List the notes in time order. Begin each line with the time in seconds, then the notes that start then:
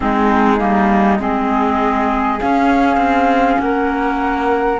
0.00 G#3 C4 D#4 G#4
0.58 G3 A#3
1.19 G#3 C4 G#4 D#5
2.40 C#4 F5
2.96 C4
3.58 A#3 A#4 F#5